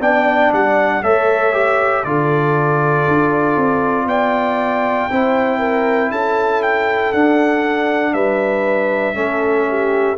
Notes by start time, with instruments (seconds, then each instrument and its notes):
0.00 tuba B3, trombone D4, horn D5, trumpet G5
0.53 tuba G3, trumpet F#5
1.03 tuba A3, trombone A4, horn C#5, trumpet E5
1.53 trombone G4
2.04 tuba D3, trombone F4, horn A4, trumpet D5
3.08 tuba D4
3.56 tuba C4
4.06 tuba B3, horn D5, trumpet G5
5.11 tuba C4, trombone E4, horn C5
5.59 horn A#4
6.11 tuba C#4, horn A4, trumpet A5
6.63 trumpet G5
7.12 tuba D4, trombone D4, trumpet F#5
8.14 tuba G3, horn B4, trumpet E5
9.14 tuba A3, trombone C#4, horn A4
9.69 horn G4